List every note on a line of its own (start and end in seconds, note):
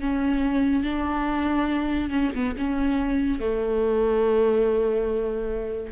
0.00 0.83 C#4
0.83 2.10 D4
2.10 2.31 C#4
2.35 2.56 B3
2.57 3.40 C#4
3.40 5.92 A3